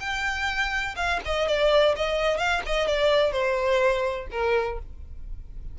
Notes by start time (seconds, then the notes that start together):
0.00 G5
0.96 F5
1.25 D#5
1.48 D5
1.96 D#5
2.38 F5
2.66 D#5
2.87 D5
3.32 C5
4.31 A#4